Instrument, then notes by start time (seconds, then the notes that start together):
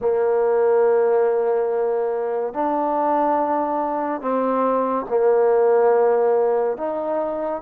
trombone
0.00 A#3
2.54 D4
4.21 C4
5.09 A#3
6.77 D#4